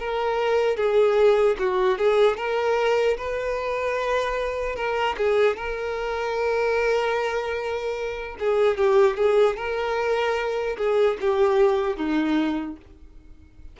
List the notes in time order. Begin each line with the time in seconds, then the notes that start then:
0.00 A#4
0.77 G#4
1.59 F#4
1.99 G#4
2.37 A#4
3.18 B4
4.76 A#4
5.18 G#4
5.57 A#4
8.40 G#4
8.78 G4
9.17 G#4
9.57 A#4
10.78 G#4
11.21 G4
11.97 D#4